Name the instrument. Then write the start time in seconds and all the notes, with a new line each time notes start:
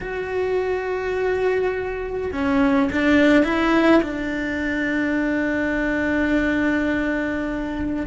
cello
0.01 F#4
2.32 C#4
2.92 D4
3.44 E4
4.02 D4